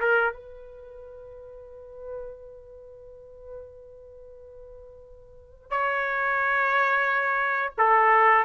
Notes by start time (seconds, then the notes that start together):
0.00 A#4
0.33 B4
5.70 C#5
7.77 A4